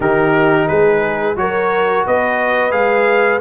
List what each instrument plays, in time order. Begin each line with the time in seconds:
0.00 tuba D#3, trombone D#4, horn G4, trumpet A#4
0.68 tuba G#3, horn G#4, trumpet B4
1.36 tuba F#3, trombone F#4, horn A#4, trumpet C#5
2.06 tuba B3, horn B4, trumpet D#5
2.70 tuba G#3, trombone G#4, trumpet F5